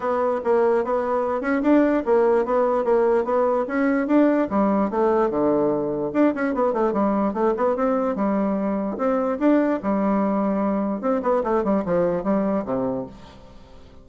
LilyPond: \new Staff \with { instrumentName = "bassoon" } { \time 4/4 \tempo 4 = 147 b4 ais4 b4. cis'8 | d'4 ais4 b4 ais4 | b4 cis'4 d'4 g4 | a4 d2 d'8 cis'8 |
b8 a8 g4 a8 b8 c'4 | g2 c'4 d'4 | g2. c'8 b8 | a8 g8 f4 g4 c4 | }